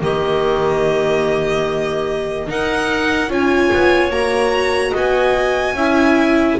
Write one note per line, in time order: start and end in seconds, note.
0.00 2.48 D#3
0.00 2.47 A#3
0.00 2.48 G4
0.00 2.49 D#5
2.47 3.29 D#4
2.47 3.30 A#4
2.47 3.32 F#5
3.29 3.70 C#4
3.29 4.10 F4
3.29 4.91 C#5
3.29 4.11 G#5
3.72 4.10 B3
4.10 4.92 A#3
4.10 5.74 F#4
4.10 4.93 A#5
4.91 5.73 B3
4.91 5.73 D#5
4.91 6.59 G#5
5.73 6.55 C#4
5.73 6.59 E4
5.73 6.58 E5